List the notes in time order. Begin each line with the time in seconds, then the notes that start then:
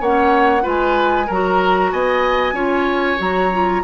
0.00 A#3 C#4 C#5 F#5
0.61 G#3 F4 B4
0.68 G#5
1.26 F#3 F#4 A#4 A#5
1.91 B3 D#5 G#5
2.52 C#4 F4 C#5
3.17 F#3 F#4 A#5
3.52 F4